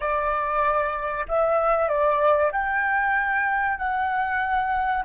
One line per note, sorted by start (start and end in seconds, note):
0.00 1.25 D5
1.28 1.88 E5
1.88 2.51 D5
2.52 3.77 G5
3.77 5.04 F#5